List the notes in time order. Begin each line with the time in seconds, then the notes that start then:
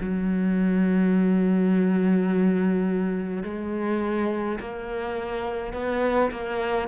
0.00 F#3
3.43 G#3
4.60 A#3
5.73 B3
6.31 A#3